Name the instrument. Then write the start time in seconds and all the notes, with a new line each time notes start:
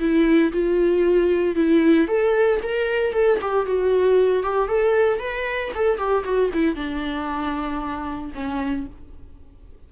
viola
0.00 E4
0.53 F4
1.56 E4
2.08 A4
2.63 A#4
3.13 A4
3.42 G4
3.66 F#4
4.43 G4
4.68 A4
5.20 B4
5.75 A4
5.98 G4
6.24 F#4
6.54 E4
6.76 D4
8.35 C#4